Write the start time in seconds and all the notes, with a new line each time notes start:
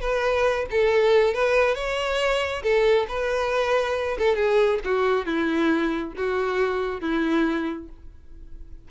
0.00 B4
0.70 A4
1.34 B4
1.74 C#5
2.62 A4
3.08 B4
4.18 A4
4.35 G#4
4.84 F#4
5.25 E4
6.16 F#4
7.01 E4